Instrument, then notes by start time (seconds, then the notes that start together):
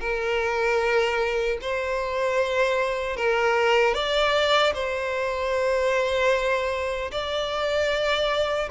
violin
0.00 A#4
1.61 C5
3.16 A#4
3.94 D5
4.74 C5
7.11 D5